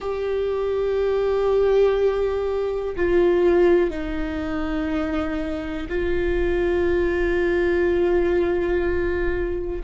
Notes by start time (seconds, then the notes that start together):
0.00 G4
2.96 F4
3.90 D#4
5.88 F4